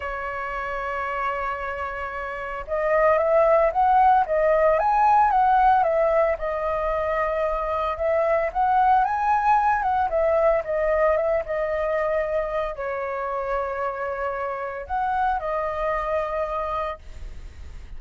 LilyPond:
\new Staff \with { instrumentName = "flute" } { \time 4/4 \tempo 4 = 113 cis''1~ | cis''4 dis''4 e''4 fis''4 | dis''4 gis''4 fis''4 e''4 | dis''2. e''4 |
fis''4 gis''4. fis''8 e''4 | dis''4 e''8 dis''2~ dis''8 | cis''1 | fis''4 dis''2. | }